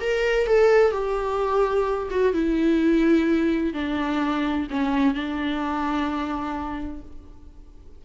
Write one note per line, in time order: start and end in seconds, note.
0.00 0.47 A#4
0.47 0.91 A4
0.91 2.08 G4
2.10 2.33 F#4
2.33 3.73 E4
3.73 4.67 D4
4.70 5.14 C#4
5.14 7.01 D4